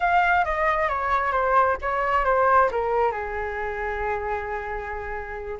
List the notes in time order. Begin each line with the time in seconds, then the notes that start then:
0.00 F5
0.44 D#5
0.88 C#5
1.32 C5
1.81 C#5
2.24 C5
2.71 A#4
3.11 G#4